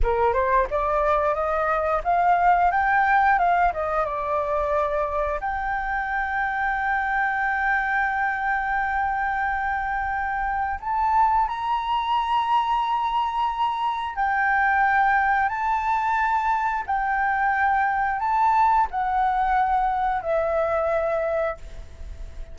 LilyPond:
\new Staff \with { instrumentName = "flute" } { \time 4/4 \tempo 4 = 89 ais'8 c''8 d''4 dis''4 f''4 | g''4 f''8 dis''8 d''2 | g''1~ | g''1 |
a''4 ais''2.~ | ais''4 g''2 a''4~ | a''4 g''2 a''4 | fis''2 e''2 | }